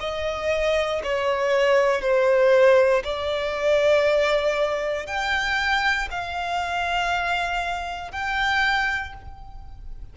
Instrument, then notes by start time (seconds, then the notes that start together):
violin
0.00 D#5
1.04 C#5
2.01 C5
3.04 D5
5.07 G5
6.11 F5
8.12 G5